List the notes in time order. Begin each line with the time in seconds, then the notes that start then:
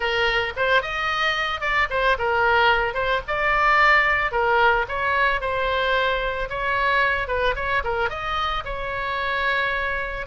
0.00 A#4
0.56 C5
0.81 D#5
1.60 D5
1.90 C5
2.18 A#4
2.93 C5
3.27 D5
4.31 A#4
4.88 C#5
5.40 C5
6.49 C#5
7.27 B4
7.55 C#5
7.84 A#4
8.09 D#5
8.64 C#5